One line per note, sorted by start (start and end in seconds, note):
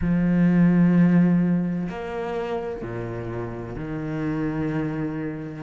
0.01 1.88 F3
1.89 2.81 A#3
2.81 3.75 A#2
3.75 5.63 D#3